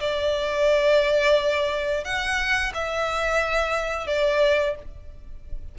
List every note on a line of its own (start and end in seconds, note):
0.00 2.04 D5
2.04 2.72 F#5
2.74 4.07 E5
4.07 4.75 D5